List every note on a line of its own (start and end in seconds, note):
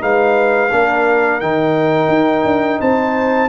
0.00 0.72 G#3
0.00 0.70 D#4
0.00 0.72 B4
0.00 1.40 F5
0.72 1.42 A#3
0.72 1.41 D4
0.72 2.80 A#4
1.40 2.09 D#3
1.40 3.49 D#4
1.40 2.80 G5
2.09 2.43 D#4
2.44 2.79 D4
2.80 3.49 C4
2.80 3.49 C5
2.80 3.49 A5